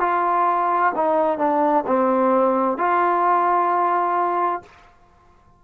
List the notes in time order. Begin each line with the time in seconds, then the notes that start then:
0.00 F4
0.96 D#4
1.38 D4
1.87 C4
2.78 F4